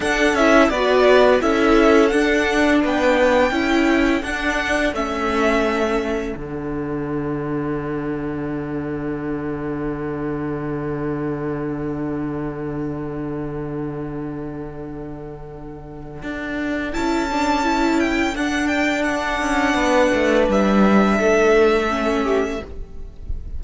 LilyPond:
<<
  \new Staff \with { instrumentName = "violin" } { \time 4/4 \tempo 4 = 85 fis''8 e''8 d''4 e''4 fis''4 | g''2 fis''4 e''4~ | e''4 fis''2.~ | fis''1~ |
fis''1~ | fis''1 | a''4. g''8 fis''8 g''8 fis''4~ | fis''4 e''2. | }
  \new Staff \with { instrumentName = "violin" } { \time 4/4 a'4 b'4 a'2 | b'4 a'2.~ | a'1~ | a'1~ |
a'1~ | a'1~ | a'1 | b'2 a'4. g'8 | }
  \new Staff \with { instrumentName = "viola" } { \time 4/4 d'8 e'8 fis'4 e'4 d'4~ | d'4 e'4 d'4 cis'4~ | cis'4 d'2.~ | d'1~ |
d'1~ | d'1 | e'8 d'8 e'4 d'2~ | d'2. cis'4 | }
  \new Staff \with { instrumentName = "cello" } { \time 4/4 d'8 cis'8 b4 cis'4 d'4 | b4 cis'4 d'4 a4~ | a4 d2.~ | d1~ |
d1~ | d2. d'4 | cis'2 d'4. cis'8 | b8 a8 g4 a2 | }
>>